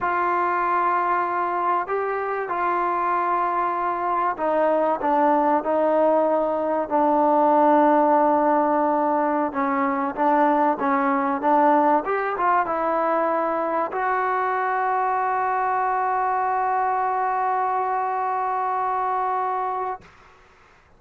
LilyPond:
\new Staff \with { instrumentName = "trombone" } { \time 4/4 \tempo 4 = 96 f'2. g'4 | f'2. dis'4 | d'4 dis'2 d'4~ | d'2.~ d'16 cis'8.~ |
cis'16 d'4 cis'4 d'4 g'8 f'16~ | f'16 e'2 fis'4.~ fis'16~ | fis'1~ | fis'1 | }